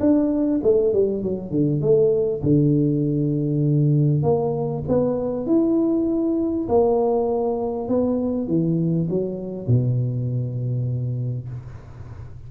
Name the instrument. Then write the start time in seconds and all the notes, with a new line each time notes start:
tuba
0.00 D4
0.63 A3
0.93 G3
1.22 F#3
1.50 D3
1.81 A3
2.42 D3
4.23 A#3
4.88 B3
5.46 E4
6.68 A#3
7.88 B3
8.47 E3
9.09 F#3
9.67 B2